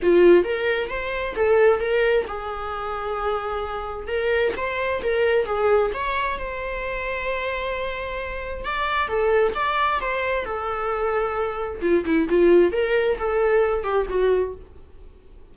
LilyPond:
\new Staff \with { instrumentName = "viola" } { \time 4/4 \tempo 4 = 132 f'4 ais'4 c''4 a'4 | ais'4 gis'2.~ | gis'4 ais'4 c''4 ais'4 | gis'4 cis''4 c''2~ |
c''2. d''4 | a'4 d''4 c''4 a'4~ | a'2 f'8 e'8 f'4 | ais'4 a'4. g'8 fis'4 | }